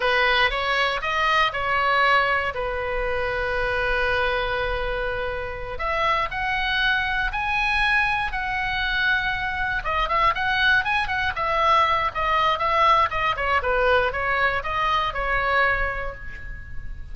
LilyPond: \new Staff \with { instrumentName = "oboe" } { \time 4/4 \tempo 4 = 119 b'4 cis''4 dis''4 cis''4~ | cis''4 b'2.~ | b'2.~ b'8 e''8~ | e''8 fis''2 gis''4.~ |
gis''8 fis''2. dis''8 | e''8 fis''4 gis''8 fis''8 e''4. | dis''4 e''4 dis''8 cis''8 b'4 | cis''4 dis''4 cis''2 | }